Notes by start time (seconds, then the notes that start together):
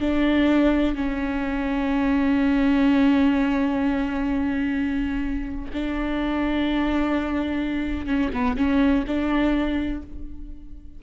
0.00 D4
0.95 C#4
5.73 D4
8.06 C#4
8.33 B3
8.57 C#4
9.07 D4